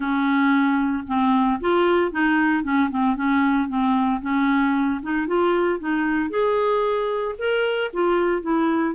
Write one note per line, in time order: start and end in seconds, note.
0.00 1.04 C#4
1.07 1.60 C4
1.60 2.11 F4
2.11 2.63 D#4
2.63 2.89 C#4
2.90 3.16 C4
3.16 3.68 C#4
3.68 4.21 C4
4.21 5.00 C#4
5.02 5.27 D#4
5.27 5.79 F4
5.79 6.30 D#4
6.30 7.35 G#4
7.38 7.91 A#4
7.93 8.42 F4
8.42 8.94 E4